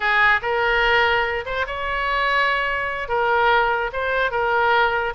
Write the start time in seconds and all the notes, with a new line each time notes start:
0.00 G#4
0.42 A#4
1.45 C5
1.66 C#5
3.08 A#4
3.92 C5
4.31 A#4